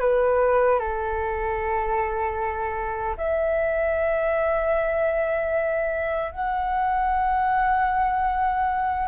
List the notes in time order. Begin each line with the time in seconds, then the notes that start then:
0.00 B4
0.79 A4
3.17 E5
6.32 F#5